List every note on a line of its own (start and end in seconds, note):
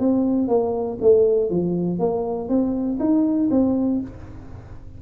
0.00 0.48 C4
0.48 0.98 A#3
1.01 1.50 A3
1.50 2.00 F3
2.00 2.49 A#3
2.49 2.99 C4
3.00 3.50 D#4
3.51 4.01 C4